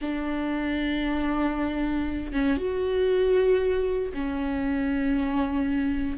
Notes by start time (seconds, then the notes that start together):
0.01 D4
2.32 C#4
2.57 F#4
4.13 C#4